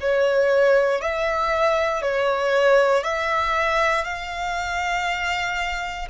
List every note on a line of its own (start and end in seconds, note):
0.00 1.01 C#5
1.01 2.02 E5
2.02 3.03 C#5
3.03 4.04 E5
4.04 6.07 F5